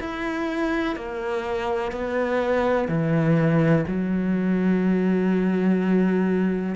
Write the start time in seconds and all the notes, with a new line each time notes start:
0.00 E4
0.95 A#3
1.91 B3
2.88 E3
3.87 F#3